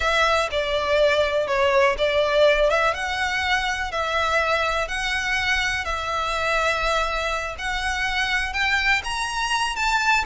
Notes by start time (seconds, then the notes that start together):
0.00 E5
0.51 D5
1.47 C#5
1.98 D5
2.70 E5
2.94 F#5
3.91 E5
4.88 F#5
5.84 E5
7.58 F#5
8.53 G5
9.04 A#5
9.75 A5